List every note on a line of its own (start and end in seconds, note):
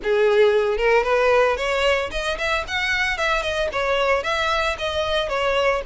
0.03 0.77 G#4
0.77 1.03 A#4
1.03 1.56 B4
1.56 2.09 C#5
2.11 2.37 D#5
2.37 2.64 E5
2.67 3.17 F#5
3.17 3.42 E5
3.42 3.69 D#5
3.72 4.23 C#5
4.23 4.76 E5
4.78 5.28 D#5
5.28 5.81 C#5